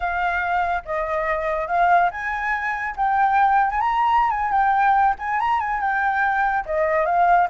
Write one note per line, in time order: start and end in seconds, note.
0.00 0.83 F5
0.85 1.67 D#5
1.67 2.09 F5
2.10 2.95 G#5
2.96 3.70 G5
3.70 3.80 G#5
3.80 4.30 A#5
4.30 4.51 G#5
4.51 5.15 G5
5.18 5.40 G#5
5.40 5.59 A#5
5.59 5.80 G#5
5.80 6.65 G5
6.65 7.05 D#5
7.05 7.48 F5